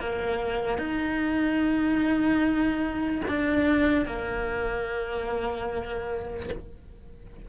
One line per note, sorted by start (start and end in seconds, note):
0.00 0.79 A#3
0.79 3.22 D#4
3.28 4.06 D4
4.06 6.49 A#3